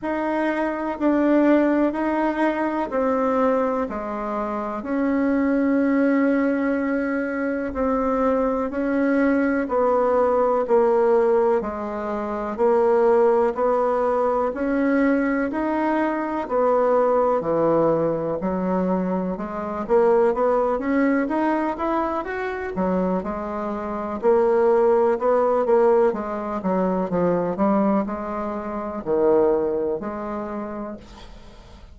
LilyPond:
\new Staff \with { instrumentName = "bassoon" } { \time 4/4 \tempo 4 = 62 dis'4 d'4 dis'4 c'4 | gis4 cis'2. | c'4 cis'4 b4 ais4 | gis4 ais4 b4 cis'4 |
dis'4 b4 e4 fis4 | gis8 ais8 b8 cis'8 dis'8 e'8 fis'8 fis8 | gis4 ais4 b8 ais8 gis8 fis8 | f8 g8 gis4 dis4 gis4 | }